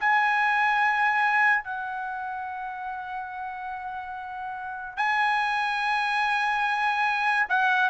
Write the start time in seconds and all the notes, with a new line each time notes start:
0.00 G#5
1.64 F#5
4.97 G#5
7.49 F#5